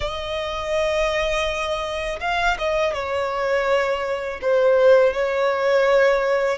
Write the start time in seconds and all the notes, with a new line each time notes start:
0.00 D#5
2.20 F5
2.58 D#5
2.93 C#5
4.41 C5
5.13 C#5